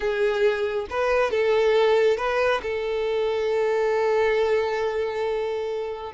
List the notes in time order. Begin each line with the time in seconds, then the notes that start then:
0.00 G#4
0.90 B4
1.31 A4
2.17 B4
2.62 A4